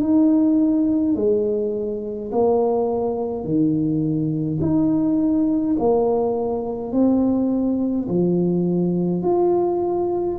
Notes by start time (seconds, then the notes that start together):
0.00 D#4
1.15 G#3
2.32 A#3
3.44 D#3
4.60 D#4
5.79 A#3
6.92 C4
8.08 F3
9.22 F4